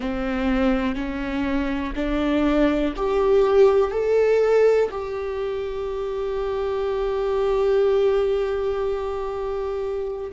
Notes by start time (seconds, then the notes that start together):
0.00 C4
0.95 C#4
1.94 D4
2.96 G4
3.91 A4
4.90 G4